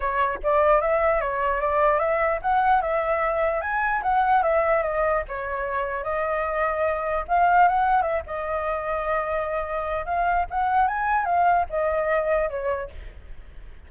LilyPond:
\new Staff \with { instrumentName = "flute" } { \time 4/4 \tempo 4 = 149 cis''4 d''4 e''4 cis''4 | d''4 e''4 fis''4 e''4~ | e''4 gis''4 fis''4 e''4 | dis''4 cis''2 dis''4~ |
dis''2 f''4 fis''4 | e''8 dis''2.~ dis''8~ | dis''4 f''4 fis''4 gis''4 | f''4 dis''2 cis''4 | }